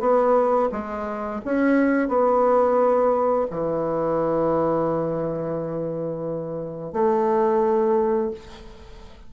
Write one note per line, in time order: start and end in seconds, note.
0.00 0.69 B3
0.72 1.41 G#3
1.45 2.09 C#4
2.09 3.47 B3
3.50 6.93 E3
6.93 8.31 A3